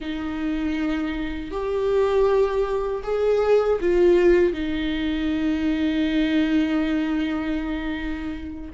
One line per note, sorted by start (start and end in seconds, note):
0.00 1.51 D#4
1.51 3.02 G4
3.03 3.79 G#4
3.80 4.53 F4
4.53 8.70 D#4